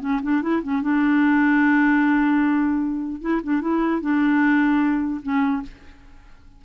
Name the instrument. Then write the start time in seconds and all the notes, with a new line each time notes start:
clarinet
0.00 C#4
0.22 D4
0.41 E4
0.62 C#4
0.82 D4
3.21 E4
3.43 D4
3.61 E4
4.01 D4
5.22 C#4